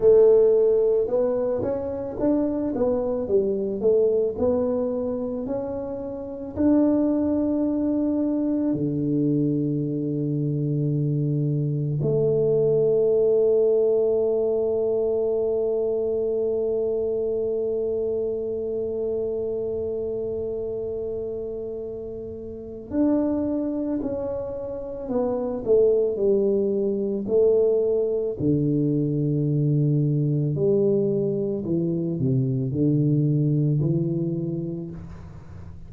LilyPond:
\new Staff \with { instrumentName = "tuba" } { \time 4/4 \tempo 4 = 55 a4 b8 cis'8 d'8 b8 g8 a8 | b4 cis'4 d'2 | d2. a4~ | a1~ |
a1~ | a4 d'4 cis'4 b8 a8 | g4 a4 d2 | g4 e8 c8 d4 e4 | }